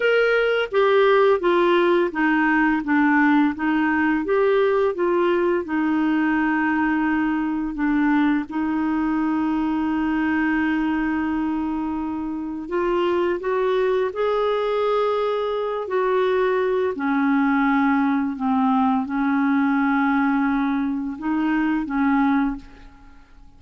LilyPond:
\new Staff \with { instrumentName = "clarinet" } { \time 4/4 \tempo 4 = 85 ais'4 g'4 f'4 dis'4 | d'4 dis'4 g'4 f'4 | dis'2. d'4 | dis'1~ |
dis'2 f'4 fis'4 | gis'2~ gis'8 fis'4. | cis'2 c'4 cis'4~ | cis'2 dis'4 cis'4 | }